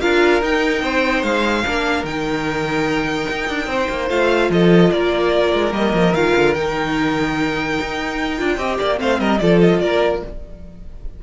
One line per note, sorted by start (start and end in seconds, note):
0.00 0.41 D4
0.00 0.41 F4
0.00 0.82 A#4
0.00 0.41 F5
0.41 1.64 D#4
0.41 0.82 D#4
0.41 1.23 G5
0.82 1.22 C4
0.82 1.64 C5
1.22 1.63 G#3
1.22 2.04 F5
1.65 2.03 A#3
1.65 2.05 D4
1.65 3.69 A#4
2.03 3.26 D#3
2.03 4.09 D#4
2.03 4.09 G5
3.30 3.48 D#4
3.48 3.66 D4
3.66 3.87 C4
3.66 4.50 C5
3.89 4.09 A#3
4.09 4.49 A3
4.09 5.70 F4
4.09 4.50 F5
4.49 4.90 F3
4.49 4.92 A4
4.49 4.91 D#5
4.91 5.53 A#3
4.91 8.56 A#4
4.91 5.73 D5
5.53 5.72 G#3
5.70 5.92 G3
5.70 6.11 A#3
5.70 6.14 D#5
5.93 6.13 F3
6.13 6.34 D#3
6.13 6.55 F4
6.13 6.53 F5
6.36 6.56 D3
6.53 7.78 D#3
6.53 8.37 D#4
6.53 8.98 G5
7.80 8.40 D#4
8.37 8.57 D4
8.37 8.57 F4
8.56 8.77 C4
8.56 8.96 G4
8.56 8.76 D#5
8.78 9.00 A#3
8.78 8.99 D5
8.96 9.19 A3
8.96 9.37 C4
8.96 9.19 C5
8.96 9.20 F5
9.19 9.40 G3
9.19 9.40 A#4
9.19 9.39 D#5
9.39 9.81 F3
9.39 10.22 F4
9.39 9.82 A4
9.39 9.59 D5
9.60 9.80 D#5
9.80 10.22 A#3
9.80 10.23 A#4
9.80 10.21 D5